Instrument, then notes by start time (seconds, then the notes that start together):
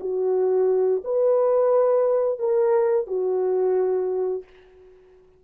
horn
0.00 F#4
1.04 B4
2.39 A#4
3.07 F#4